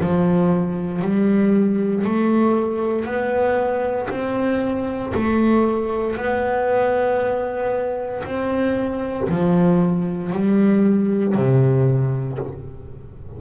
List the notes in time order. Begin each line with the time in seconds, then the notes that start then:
0.00 F3
1.01 G3
2.04 A3
3.05 B3
4.09 C4
5.14 A3
6.16 B3
8.24 C4
9.29 F3
10.32 G3
11.35 C3